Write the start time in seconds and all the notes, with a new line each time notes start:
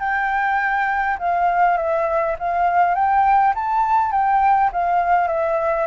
0.00 G5
1.19 F5
1.78 E5
2.39 F5
2.95 G5
3.55 A5
4.12 G5
4.73 F5
5.28 E5